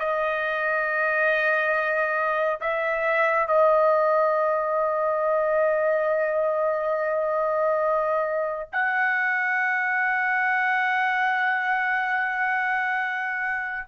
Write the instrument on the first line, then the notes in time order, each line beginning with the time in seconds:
trumpet
0.00 D#5
2.61 E5
3.48 D#5
8.73 F#5